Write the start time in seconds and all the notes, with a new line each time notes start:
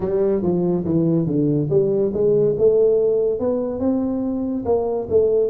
0.00 G3
0.42 F3
0.85 E3
1.26 D3
1.70 G3
2.13 G#3
2.58 A3
3.39 B3
3.79 C4
4.65 A#3
5.09 A3